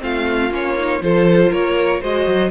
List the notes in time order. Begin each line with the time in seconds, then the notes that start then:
0.00 A3 C4 F4 F5
0.51 A#3 C#4 C#5
0.78 D#4
1.02 F3 F4 A4 C5
1.51 A#3 A#4 C#5
2.01 G#3 F#4 C5 D#5
2.27 F#3